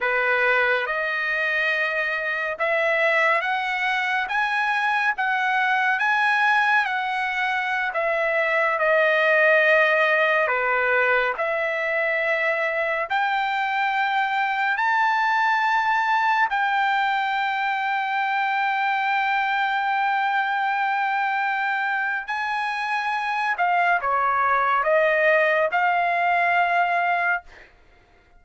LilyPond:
\new Staff \with { instrumentName = "trumpet" } { \time 4/4 \tempo 4 = 70 b'4 dis''2 e''4 | fis''4 gis''4 fis''4 gis''4 | fis''4~ fis''16 e''4 dis''4.~ dis''16~ | dis''16 b'4 e''2 g''8.~ |
g''4~ g''16 a''2 g''8.~ | g''1~ | g''2 gis''4. f''8 | cis''4 dis''4 f''2 | }